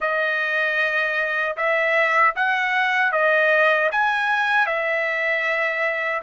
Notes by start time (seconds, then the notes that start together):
0.00 D#5
1.56 E5
2.35 F#5
3.12 D#5
3.91 G#5
4.66 E5